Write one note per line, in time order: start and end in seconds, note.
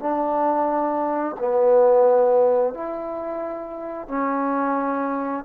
0.00 1.36 D4
1.39 2.74 B3
2.74 4.08 E4
4.08 5.45 C#4